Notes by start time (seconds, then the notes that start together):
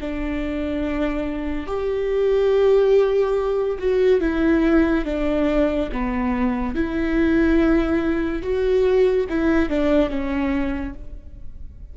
0.00 D4
1.66 G4
3.78 F#4
4.20 E4
5.05 D4
5.92 B3
6.74 E4
8.42 F#4
9.29 E4
9.69 D4
10.09 C#4